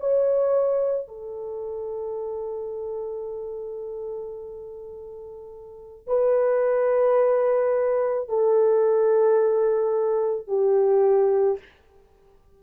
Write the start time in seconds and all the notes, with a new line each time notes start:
0.00 C#5
1.08 A4
6.08 B4
8.29 A4
10.47 G4